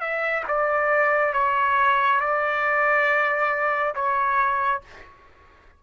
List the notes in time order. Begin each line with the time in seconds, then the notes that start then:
0.00 E5
0.47 D5
1.33 C#5
2.20 D5
3.94 C#5